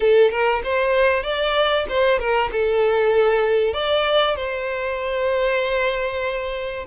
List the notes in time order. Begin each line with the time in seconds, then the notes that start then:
0.00 A4
0.30 A#4
0.63 C5
1.23 D5
1.88 C5
2.19 A#4
2.52 A4
3.73 D5
4.36 C5